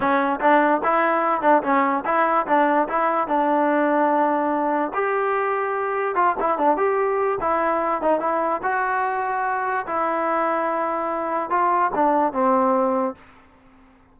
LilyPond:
\new Staff \with { instrumentName = "trombone" } { \time 4/4 \tempo 4 = 146 cis'4 d'4 e'4. d'8 | cis'4 e'4 d'4 e'4 | d'1 | g'2. f'8 e'8 |
d'8 g'4. e'4. dis'8 | e'4 fis'2. | e'1 | f'4 d'4 c'2 | }